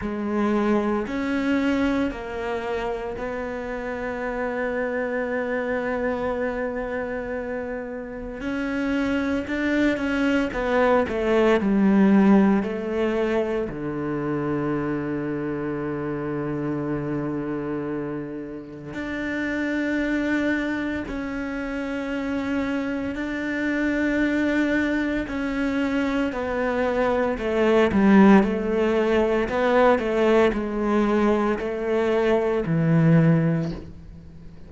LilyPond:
\new Staff \with { instrumentName = "cello" } { \time 4/4 \tempo 4 = 57 gis4 cis'4 ais4 b4~ | b1 | cis'4 d'8 cis'8 b8 a8 g4 | a4 d2.~ |
d2 d'2 | cis'2 d'2 | cis'4 b4 a8 g8 a4 | b8 a8 gis4 a4 e4 | }